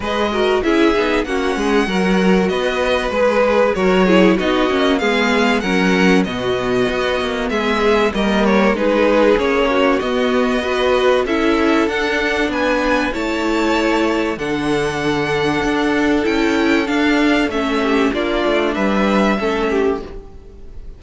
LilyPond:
<<
  \new Staff \with { instrumentName = "violin" } { \time 4/4 \tempo 4 = 96 dis''4 e''4 fis''2 | dis''4 b'4 cis''4 dis''4 | f''4 fis''4 dis''2 | e''4 dis''8 cis''8 b'4 cis''4 |
dis''2 e''4 fis''4 | gis''4 a''2 fis''4~ | fis''2 g''4 f''4 | e''4 d''4 e''2 | }
  \new Staff \with { instrumentName = "violin" } { \time 4/4 b'8 ais'8 gis'4 fis'8 gis'8 ais'4 | b'2 ais'8 gis'8 fis'4 | gis'4 ais'4 fis'2 | gis'4 ais'4 gis'4. fis'8~ |
fis'4 b'4 a'2 | b'4 cis''2 a'4~ | a'1~ | a'8 g'8 f'4 b'4 a'8 g'8 | }
  \new Staff \with { instrumentName = "viola" } { \time 4/4 gis'8 fis'8 e'8 dis'8 cis'4 fis'4~ | fis'4 gis'4 fis'8 e'8 dis'8 cis'8 | b4 cis'4 b2~ | b4 ais4 dis'4 cis'4 |
b4 fis'4 e'4 d'4~ | d'4 e'2 d'4~ | d'2 e'4 d'4 | cis'4 d'2 cis'4 | }
  \new Staff \with { instrumentName = "cello" } { \time 4/4 gis4 cis'8 b8 ais8 gis8 fis4 | b4 gis4 fis4 b8 ais8 | gis4 fis4 b,4 b8 ais8 | gis4 g4 gis4 ais4 |
b2 cis'4 d'4 | b4 a2 d4~ | d4 d'4 cis'4 d'4 | a4 ais8 a8 g4 a4 | }
>>